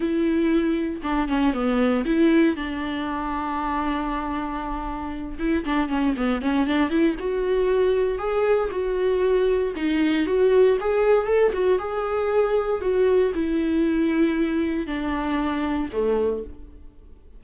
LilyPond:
\new Staff \with { instrumentName = "viola" } { \time 4/4 \tempo 4 = 117 e'2 d'8 cis'8 b4 | e'4 d'2.~ | d'2~ d'8 e'8 d'8 cis'8 | b8 cis'8 d'8 e'8 fis'2 |
gis'4 fis'2 dis'4 | fis'4 gis'4 a'8 fis'8 gis'4~ | gis'4 fis'4 e'2~ | e'4 d'2 a4 | }